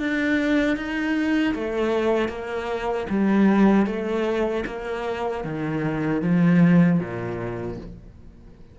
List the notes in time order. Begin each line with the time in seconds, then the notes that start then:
0.00 D4
0.77 D#4
1.55 A3
2.29 A#3
3.10 G3
3.87 A3
4.67 A#3
5.45 D#3
6.22 F3
7.00 A#2